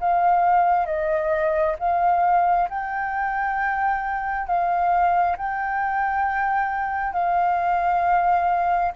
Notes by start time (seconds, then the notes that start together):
0.00 F5
0.86 D#5
1.80 F5
2.69 G5
4.47 F5
5.37 G5
7.13 F5